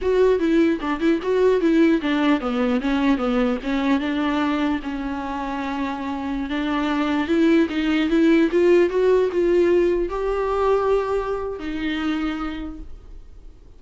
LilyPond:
\new Staff \with { instrumentName = "viola" } { \time 4/4 \tempo 4 = 150 fis'4 e'4 d'8 e'8 fis'4 | e'4 d'4 b4 cis'4 | b4 cis'4 d'2 | cis'1~ |
cis'16 d'2 e'4 dis'8.~ | dis'16 e'4 f'4 fis'4 f'8.~ | f'4~ f'16 g'2~ g'8.~ | g'4 dis'2. | }